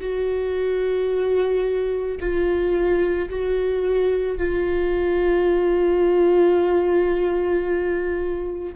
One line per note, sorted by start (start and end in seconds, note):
0.00 2.18 F#4
2.20 3.29 F4
3.29 4.38 F#4
4.38 8.74 F4